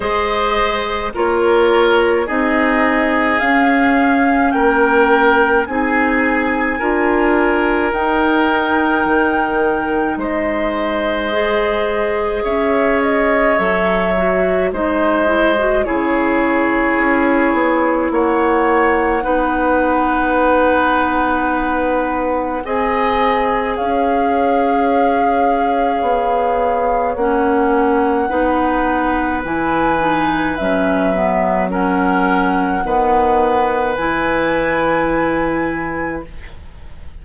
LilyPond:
<<
  \new Staff \with { instrumentName = "flute" } { \time 4/4 \tempo 4 = 53 dis''4 cis''4 dis''4 f''4 | g''4 gis''2 g''4~ | g''4 dis''2 e''8 dis''8 | e''4 dis''4 cis''2 |
fis''1 | gis''4 f''2. | fis''2 gis''4 e''4 | fis''2 gis''2 | }
  \new Staff \with { instrumentName = "oboe" } { \time 4/4 c''4 ais'4 gis'2 | ais'4 gis'4 ais'2~ | ais'4 c''2 cis''4~ | cis''4 c''4 gis'2 |
cis''4 b'2. | dis''4 cis''2.~ | cis''4 b'2. | ais'4 b'2. | }
  \new Staff \with { instrumentName = "clarinet" } { \time 4/4 gis'4 f'4 dis'4 cis'4~ | cis'4 dis'4 f'4 dis'4~ | dis'2 gis'2 | a'8 fis'8 dis'8 e'16 fis'16 e'2~ |
e'4 dis'2. | gis'1 | cis'4 dis'4 e'8 dis'8 cis'8 b8 | cis'4 b4 e'2 | }
  \new Staff \with { instrumentName = "bassoon" } { \time 4/4 gis4 ais4 c'4 cis'4 | ais4 c'4 d'4 dis'4 | dis4 gis2 cis'4 | fis4 gis4 cis4 cis'8 b8 |
ais4 b2. | c'4 cis'2 b4 | ais4 b4 e4 fis4~ | fis4 dis4 e2 | }
>>